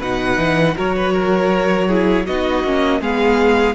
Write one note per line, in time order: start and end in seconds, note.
0.00 0.38 B2
0.00 0.75 D#4
0.00 0.75 B4
0.00 0.78 F#5
0.38 0.75 E3
0.75 2.28 F#3
0.75 1.88 F#4
0.75 0.96 A#4
0.75 2.27 C#5
0.96 1.14 B4
1.14 1.88 A#4
1.88 2.27 E4
1.88 2.26 G#4
2.27 2.64 B3
2.27 2.66 D#4
2.27 3.02 F#4
2.27 3.02 D#5
2.64 3.01 A#3
2.64 3.02 C#4
3.01 3.75 G#3
3.01 3.75 B3
3.01 3.75 G#4
3.01 3.75 F5